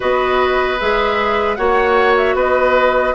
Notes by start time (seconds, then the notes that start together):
0.00 B3 F#4 B4 D#5
0.79 G#3 G#4 E5
1.55 A#3 F#4 C#5 F#5
2.16 E5
2.34 B3 B4 D#5